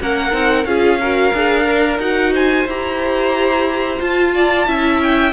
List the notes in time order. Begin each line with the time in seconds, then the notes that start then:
0.00 A#3 C#4 A#4 F#5
0.31 C4 D#4
0.64 C#4 F4 G#4 F5
1.00 F#4 A#4
1.33 D4 G#4
1.65 A#4
1.98 D#4 F#4 F#5
2.32 C5 G#5
2.65 E4 G4 A#5
3.99 F4 A5
4.34 D5
4.66 C#4 E4 E5
5.02 G5